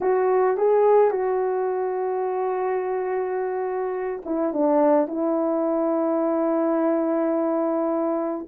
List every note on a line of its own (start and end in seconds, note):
0.01 0.57 F#4
0.57 1.10 G#4
1.10 4.22 F#4
4.25 4.53 E4
4.53 5.07 D4
5.07 8.47 E4